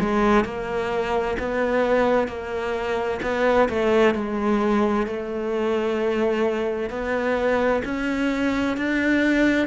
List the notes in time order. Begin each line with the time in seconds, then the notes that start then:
0.00 G#3
0.45 A#3
1.39 B3
2.28 A#3
3.23 B3
3.69 A3
4.15 G#3
5.07 A3
6.90 B3
7.85 C#4
8.77 D4